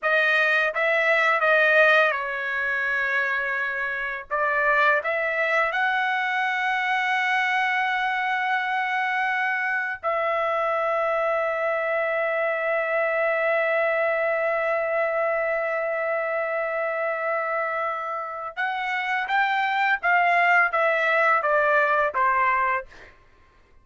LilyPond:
\new Staff \with { instrumentName = "trumpet" } { \time 4/4 \tempo 4 = 84 dis''4 e''4 dis''4 cis''4~ | cis''2 d''4 e''4 | fis''1~ | fis''2 e''2~ |
e''1~ | e''1~ | e''2 fis''4 g''4 | f''4 e''4 d''4 c''4 | }